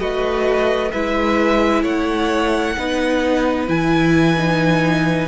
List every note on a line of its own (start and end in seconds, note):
0.00 0.92 A3
0.00 0.92 F#4
0.00 0.93 B4
0.00 0.92 D#5
0.92 1.84 G#3
0.92 2.78 E4
0.92 1.83 B4
0.92 1.84 E5
1.83 2.76 A3
1.83 2.75 C#5
1.83 3.69 F#5
2.78 3.69 B3
2.78 3.68 D#4
2.78 5.28 B4
3.68 5.28 E3
3.68 4.37 E4
3.68 5.28 G#5
4.37 5.28 D#4